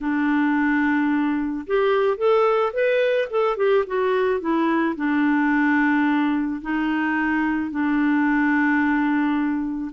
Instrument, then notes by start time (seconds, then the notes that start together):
clarinet
0.01 D4
1.67 G4
2.17 A4
2.73 B4
3.30 A4
3.57 G4
3.86 F#4
4.40 E4
4.95 D4
6.61 D#4
7.71 D4